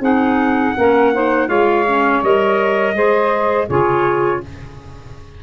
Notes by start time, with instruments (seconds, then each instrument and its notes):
0.00 tuba C4, clarinet D#4, saxophone G#4, trumpet F#5
0.77 tuba A#3, clarinet C#4, saxophone A#4
1.14 clarinet D#4, saxophone C5
1.47 tuba G#3, clarinet F4, saxophone C#5, trumpet F5
1.87 clarinet C#4
2.22 tuba G3, clarinet A#4, trumpet D#5
2.94 tuba G#3, clarinet G#4, saxophone C5
3.67 tuba C#3, clarinet F4, saxophone G#4, trumpet C#5